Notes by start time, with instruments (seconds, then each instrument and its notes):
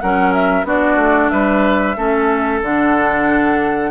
0.00 bassoon F#3, clarinet C#4, oboe A#4, flute F#5
0.33 flute E5
0.64 bassoon B3, clarinet D4, oboe F#4, flute D5
0.96 bassoon A3
1.29 bassoon G3, oboe B4, flute E5
1.96 bassoon A3, clarinet C#4, oboe A4
2.62 bassoon D3, clarinet D4, flute F#5